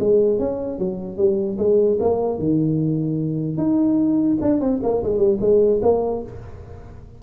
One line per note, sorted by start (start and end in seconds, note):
0.00 0.39 G#3
0.39 0.79 C#4
0.79 1.18 F#3
1.18 1.58 G3
1.58 1.99 G#3
2.01 2.39 A#3
2.39 3.58 D#3
3.58 4.38 D#4
4.42 4.61 D4
4.61 4.81 C4
4.83 5.03 A#3
5.04 5.18 G#3
5.18 5.38 G3
5.41 5.81 G#3
5.83 6.23 A#3